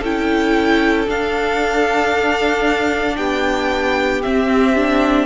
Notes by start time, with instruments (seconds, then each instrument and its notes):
0.00 cello C#4, viola E4, violin A4 G5
1.07 viola D4, cello D4, violin F5
3.17 cello B3, violin G4 G5
4.22 viola C4, cello C4, violin E5
4.76 viola D4